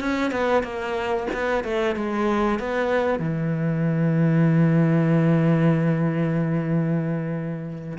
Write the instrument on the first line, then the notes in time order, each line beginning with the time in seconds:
cello
0.00 C#4
0.31 B3
0.63 A#3
1.33 B3
1.64 A3
1.96 G#3
2.59 B3
3.19 E3